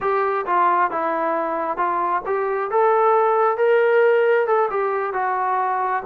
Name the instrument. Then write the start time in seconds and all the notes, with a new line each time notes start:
trombone
0.00 G4
0.46 F4
0.90 E4
1.77 F4
2.26 G4
2.70 A4
3.57 A#4
4.46 A4
4.70 G4
5.13 F#4